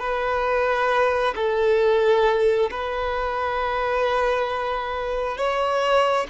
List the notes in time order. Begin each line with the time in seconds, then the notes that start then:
0.00 B4
1.36 A4
2.71 B4
5.37 C#5